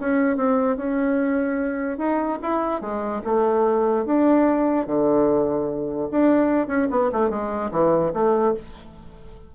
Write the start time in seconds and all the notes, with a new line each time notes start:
0.00 C#4
0.36 C4
0.76 C#4
1.98 D#4
2.42 E4
2.81 G#3
3.24 A3
4.05 D4
4.86 D3
6.11 D4
6.68 C#4
6.91 B3
7.12 A3
7.30 G#3
7.71 E3
8.13 A3